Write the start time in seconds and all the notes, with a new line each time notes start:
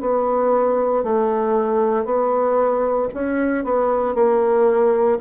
0.00 B3
1.03 A3
2.05 B3
3.14 C#4
3.64 B3
4.15 A#3